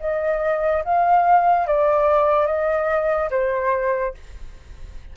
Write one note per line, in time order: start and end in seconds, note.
0.00 0.83 D#5
0.84 1.67 F5
1.67 2.46 D5
2.46 3.29 D#5
3.30 4.14 C5